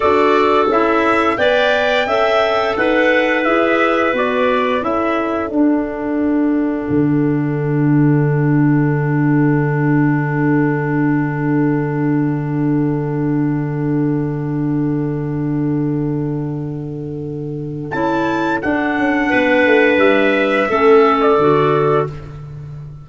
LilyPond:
<<
  \new Staff \with { instrumentName = "trumpet" } { \time 4/4 \tempo 4 = 87 d''4 e''4 g''2 | fis''4 e''4 d''4 e''4 | fis''1~ | fis''1~ |
fis''1~ | fis''1~ | fis''2 a''4 fis''4~ | fis''4 e''4.~ e''16 d''4~ d''16 | }
  \new Staff \with { instrumentName = "clarinet" } { \time 4/4 a'2 d''4 e''4 | b'2. a'4~ | a'1~ | a'1~ |
a'1~ | a'1~ | a'1 | b'2 a'2 | }
  \new Staff \with { instrumentName = "clarinet" } { \time 4/4 fis'4 e'4 b'4 a'4~ | a'4 gis'4 fis'4 e'4 | d'1~ | d'1~ |
d'1~ | d'1~ | d'2 e'4 d'4~ | d'2 cis'4 fis'4 | }
  \new Staff \with { instrumentName = "tuba" } { \time 4/4 d'4 cis'4 b4 cis'4 | dis'4 e'4 b4 cis'4 | d'2 d2~ | d1~ |
d1~ | d1~ | d2 cis'4 d'8 cis'8 | b8 a8 g4 a4 d4 | }
>>